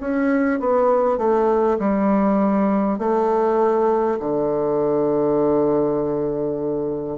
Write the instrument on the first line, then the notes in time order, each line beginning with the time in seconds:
bassoon
0.00 C#4
0.60 B3
1.18 A3
1.79 G3
2.99 A3
4.20 D3